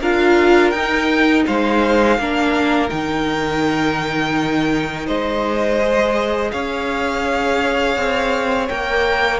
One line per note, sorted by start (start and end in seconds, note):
0.00 0.73 D4
0.00 0.74 F4
0.00 1.45 A#4
0.00 0.70 F5
0.70 1.45 D#4
0.70 2.20 D#4
0.70 1.42 G5
1.47 2.18 G#3
1.47 2.19 C5
1.47 2.89 F5
2.18 2.91 A#3
2.18 2.88 D4
2.18 5.07 A#4
2.88 5.08 D#3
2.88 5.78 D#4
2.88 5.06 G5
5.07 6.52 G#3
5.07 6.51 C5
5.07 6.51 D#5
5.80 8.69 G#4
6.51 7.97 C#4
6.51 9.40 C#5
6.51 8.68 F5
7.97 8.69 C4
8.69 9.40 A#3
8.69 9.40 A#4
8.69 9.40 G5